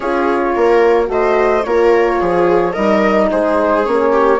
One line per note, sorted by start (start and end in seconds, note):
0.00 0.54 C#4
0.00 1.06 F4
0.00 0.53 G#4
0.00 1.08 C#5
0.55 1.08 A#3
0.55 1.10 A#4
1.06 1.63 A3
1.06 1.61 F#4
1.06 1.66 C5
1.06 1.63 D#5
1.63 2.20 A#3
1.63 2.75 F4
1.63 2.19 A#4
1.63 2.73 C#5
2.19 2.76 F3
2.19 2.72 G#4
2.72 3.31 G3
2.72 3.83 D#4
2.72 3.27 A#4
2.72 3.28 D#5
3.31 3.86 G#3
3.31 4.12 G#4
3.31 3.85 C5
3.83 4.39 A#3
3.83 4.38 C#4
3.83 4.39 C#5
4.12 4.39 G4